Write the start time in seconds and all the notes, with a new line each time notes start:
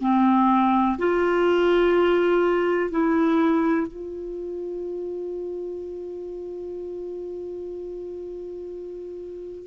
0.00 C4
0.98 F4
2.90 E4
3.87 F4